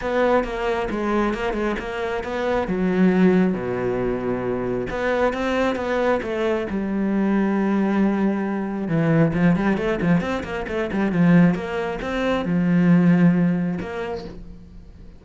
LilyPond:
\new Staff \with { instrumentName = "cello" } { \time 4/4 \tempo 4 = 135 b4 ais4 gis4 ais8 gis8 | ais4 b4 fis2 | b,2. b4 | c'4 b4 a4 g4~ |
g1 | e4 f8 g8 a8 f8 c'8 ais8 | a8 g8 f4 ais4 c'4 | f2. ais4 | }